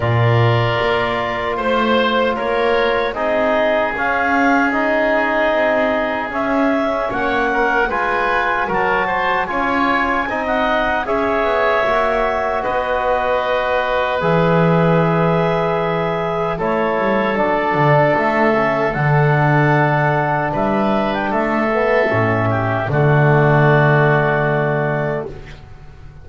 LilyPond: <<
  \new Staff \with { instrumentName = "clarinet" } { \time 4/4 \tempo 4 = 76 d''2 c''4 cis''4 | dis''4 f''4 dis''2 | e''4 fis''4 gis''4 a''4 | gis''4~ gis''16 fis''8. e''2 |
dis''2 e''2~ | e''4 cis''4 d''4 e''4 | fis''2 e''8. g''16 e''4~ | e''4 d''2. | }
  \new Staff \with { instrumentName = "oboe" } { \time 4/4 ais'2 c''4 ais'4 | gis'1~ | gis'4 cis''8 ais'8 b'4 ais'8 c''8 | cis''4 dis''4 cis''2 |
b'1~ | b'4 a'2.~ | a'2 b'4 a'4~ | a'8 g'8 fis'2. | }
  \new Staff \with { instrumentName = "trombone" } { \time 4/4 f'1 | dis'4 cis'4 dis'2 | cis'2 f'4 fis'4 | f'4 dis'4 gis'4 fis'4~ |
fis'2 gis'2~ | gis'4 e'4 d'4. cis'8 | d'2.~ d'8 b8 | cis'4 a2. | }
  \new Staff \with { instrumentName = "double bass" } { \time 4/4 ais,4 ais4 a4 ais4 | c'4 cis'2 c'4 | cis'4 ais4 gis4 fis4 | cis'4 c'4 cis'8 b8 ais4 |
b2 e2~ | e4 a8 g8 fis8 d8 a4 | d2 g4 a4 | a,4 d2. | }
>>